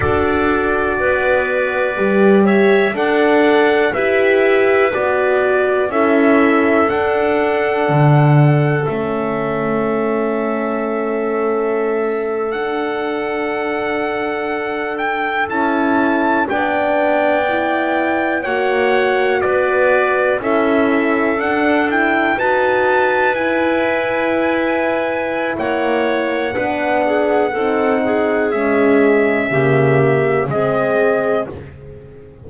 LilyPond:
<<
  \new Staff \with { instrumentName = "trumpet" } { \time 4/4 \tempo 4 = 61 d''2~ d''8 e''8 fis''4 | e''4 d''4 e''4 fis''4~ | fis''4 e''2.~ | e''8. fis''2~ fis''8 g''8 a''16~ |
a''8. g''2 fis''4 d''16~ | d''8. e''4 fis''8 g''8 a''4 gis''16~ | gis''2 fis''2~ | fis''4 e''2 dis''4 | }
  \new Staff \with { instrumentName = "clarinet" } { \time 4/4 a'4 b'4. cis''8 d''4 | b'2 a'2~ | a'1~ | a'1~ |
a'8. d''2 cis''4 b'16~ | b'8. a'2 b'4~ b'16~ | b'2 cis''4 b'8 gis'8 | a'8 gis'4. g'4 gis'4 | }
  \new Staff \with { instrumentName = "horn" } { \time 4/4 fis'2 g'4 a'4 | g'4 fis'4 e'4 d'4~ | d'4 cis'2.~ | cis'8. d'2. e'16~ |
e'8. d'4 e'4 fis'4~ fis'16~ | fis'8. e'4 d'8 e'8 fis'4 e'16~ | e'2. d'4 | dis'4 gis4 ais4 c'4 | }
  \new Staff \with { instrumentName = "double bass" } { \time 4/4 d'4 b4 g4 d'4 | e'4 b4 cis'4 d'4 | d4 a2.~ | a8. d'2. cis'16~ |
cis'8. b2 ais4 b16~ | b8. cis'4 d'4 dis'4 e'16~ | e'2 ais4 b4 | c'4 cis'4 cis4 gis4 | }
>>